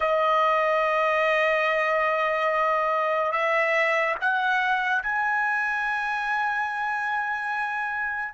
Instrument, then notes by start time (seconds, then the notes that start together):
trumpet
0.00 D#5
3.31 E5
4.20 F#5
5.02 G#5